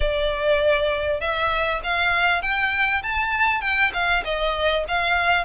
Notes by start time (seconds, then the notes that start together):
0.00 D5
1.20 E5
1.83 F5
2.42 G5
3.02 A5
3.61 G5
3.93 F5
4.24 D#5
4.88 F5